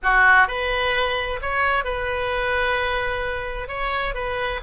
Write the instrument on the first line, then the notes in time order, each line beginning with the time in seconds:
oboe
0.03 F#4
0.47 B4
1.41 C#5
1.84 B4
3.68 C#5
4.14 B4